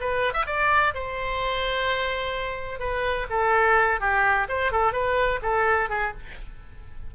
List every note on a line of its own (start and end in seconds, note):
0.00 0.34 B4
0.34 0.45 E5
0.46 0.93 D5
0.94 2.79 C5
2.79 3.26 B4
3.30 4.00 A4
4.00 4.48 G4
4.48 4.72 C5
4.72 4.93 A4
4.93 5.40 B4
5.42 5.89 A4
5.89 6.13 G#4